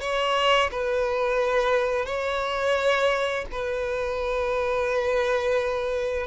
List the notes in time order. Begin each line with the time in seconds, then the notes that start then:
0.00 C#5
0.71 B4
2.05 C#5
3.51 B4